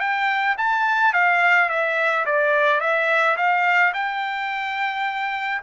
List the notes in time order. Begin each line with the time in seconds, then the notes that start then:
0.00 G5
0.58 A5
1.13 F5
1.69 E5
2.26 D5
2.80 E5
3.37 F5
3.94 G5